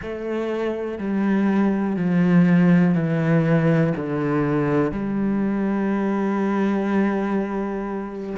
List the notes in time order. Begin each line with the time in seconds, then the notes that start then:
0.02 A3
0.98 G3
1.96 F3
2.95 E3
3.96 D3
4.91 G3